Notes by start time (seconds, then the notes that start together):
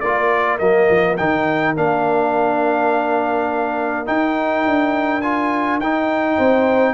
0.00 A#3 F4 A#4 D5
0.58 F#3 A#3 D#5
0.90 F3
1.17 D#3 D#4 G5
1.76 A#3 D4 F5
4.06 D#4 G5
4.66 D4
5.21 F4 G#5
5.79 D#4 G5
6.37 C4 C5